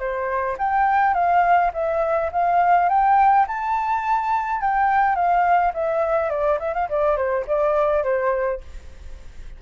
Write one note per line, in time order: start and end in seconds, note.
0.00 0.57 C5
0.59 1.14 G5
1.14 1.71 F5
1.74 2.31 E5
2.33 2.90 F5
2.90 3.47 G5
3.48 4.62 A5
4.62 5.16 G5
5.16 5.73 F5
5.74 6.30 E5
6.30 6.59 D5
6.60 6.74 E5
6.75 6.89 F5
6.90 7.17 D5
7.17 7.46 C5
7.48 8.04 D5
8.04 8.61 C5